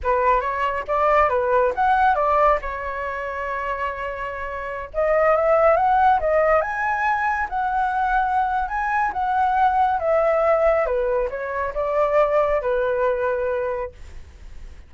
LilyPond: \new Staff \with { instrumentName = "flute" } { \time 4/4 \tempo 4 = 138 b'4 cis''4 d''4 b'4 | fis''4 d''4 cis''2~ | cis''2.~ cis''16 dis''8.~ | dis''16 e''4 fis''4 dis''4 gis''8.~ |
gis''4~ gis''16 fis''2~ fis''8. | gis''4 fis''2 e''4~ | e''4 b'4 cis''4 d''4~ | d''4 b'2. | }